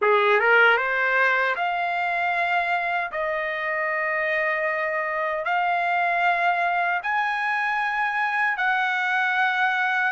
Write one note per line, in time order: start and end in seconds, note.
0.01 0.40 G#4
0.40 0.77 A#4
0.77 1.55 C5
1.55 3.11 F5
3.11 5.44 D#5
5.44 7.00 F5
7.02 8.57 G#5
8.57 10.12 F#5